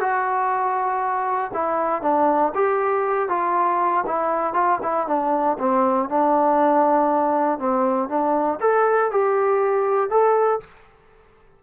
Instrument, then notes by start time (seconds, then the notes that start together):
trombone
0.00 F#4
1.54 E4
2.02 D4
2.55 G4
3.29 F4
4.07 E4
4.54 F4
4.83 E4
5.07 D4
5.59 C4
6.09 D4
7.59 C4
8.09 D4
8.61 A4
9.11 G4
10.10 A4